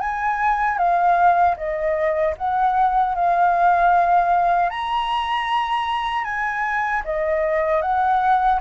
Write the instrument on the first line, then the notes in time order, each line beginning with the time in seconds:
flute
0.00 G#5
0.78 F5
1.57 D#5
2.37 F#5
3.15 F5
4.70 A#5
6.24 G#5
7.04 D#5
7.82 F#5